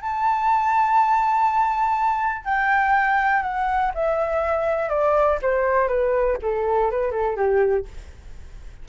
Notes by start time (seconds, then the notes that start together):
0.00 A5
2.44 G5
3.42 F#5
3.94 E5
4.89 D5
5.41 C5
5.87 B4
6.42 A4
6.91 B4
7.11 A4
7.36 G4